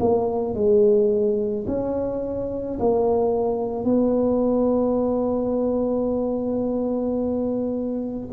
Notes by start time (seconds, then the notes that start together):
0.00 A#3
0.55 G#3
1.68 C#4
2.80 A#3
3.85 B3